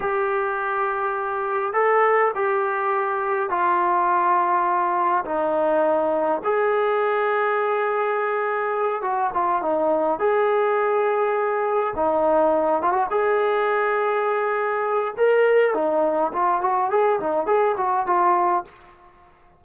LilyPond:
\new Staff \with { instrumentName = "trombone" } { \time 4/4 \tempo 4 = 103 g'2. a'4 | g'2 f'2~ | f'4 dis'2 gis'4~ | gis'2.~ gis'8 fis'8 |
f'8 dis'4 gis'2~ gis'8~ | gis'8 dis'4. f'16 fis'16 gis'4.~ | gis'2 ais'4 dis'4 | f'8 fis'8 gis'8 dis'8 gis'8 fis'8 f'4 | }